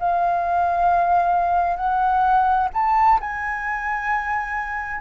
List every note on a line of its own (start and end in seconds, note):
0.00 1.77 F5
1.77 2.69 F#5
2.74 3.20 A5
3.21 5.01 G#5